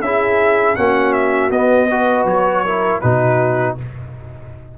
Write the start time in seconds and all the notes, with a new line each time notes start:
0.00 C#4 E4 G#4 E5
0.76 A#3 C#4 F#4 F#5
1.13 E5
1.51 B3 D#5
1.90 F#4 B4
2.25 F#3 C#5
2.65 E4 A#4
3.00 B2 D#4 F#4 B4